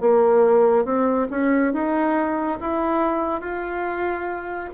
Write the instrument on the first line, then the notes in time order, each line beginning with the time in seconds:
bassoon
0.00 A#3
0.85 C4
1.30 C#4
1.73 D#4
2.60 E4
3.41 F4